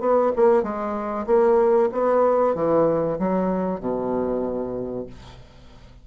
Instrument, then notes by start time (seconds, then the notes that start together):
bassoon
0.00 B3
0.36 A#3
0.63 G#3
1.27 A#3
1.92 B3
2.55 E3
3.19 F#3
3.80 B2